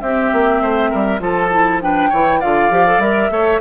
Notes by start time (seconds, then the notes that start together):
0.00 C4 G4 E5
0.32 A#3
0.61 A3 C5
0.90 G3 A#4
1.20 F3 F4 A4 A5
1.51 E4
1.81 D4 B4 G5
2.09 E3 E4 C#5
2.40 D3 F4 D5 F5
2.70 F3 G4
2.87 A4
2.98 G3 A#4 E5
3.30 A3 A4 C#5